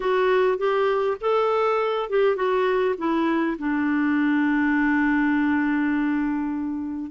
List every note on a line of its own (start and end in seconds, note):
0.00 0.58 F#4
0.58 1.17 G4
1.20 2.09 A4
2.09 2.35 G4
2.35 2.95 F#4
2.98 3.57 E4
3.58 7.11 D4